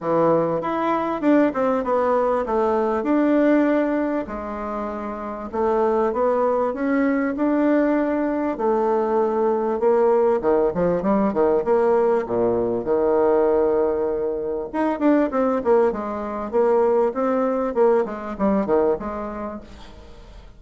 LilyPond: \new Staff \with { instrumentName = "bassoon" } { \time 4/4 \tempo 4 = 98 e4 e'4 d'8 c'8 b4 | a4 d'2 gis4~ | gis4 a4 b4 cis'4 | d'2 a2 |
ais4 dis8 f8 g8 dis8 ais4 | ais,4 dis2. | dis'8 d'8 c'8 ais8 gis4 ais4 | c'4 ais8 gis8 g8 dis8 gis4 | }